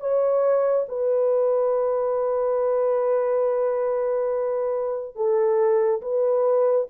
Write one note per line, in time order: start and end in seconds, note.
0.00 0.86 C#5
0.88 5.15 B4
5.15 6.01 A4
6.01 6.87 B4